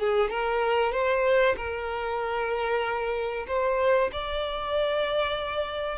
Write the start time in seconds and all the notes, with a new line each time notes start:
0.00 G#4
0.31 A#4
0.93 C5
1.57 A#4
3.48 C5
4.13 D5